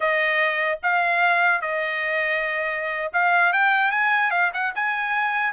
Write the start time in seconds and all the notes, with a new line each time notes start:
0.00 D#5
0.82 F5
1.61 D#5
3.12 F5
3.53 G5
3.91 G#5
4.31 F5
4.53 F#5
4.75 G#5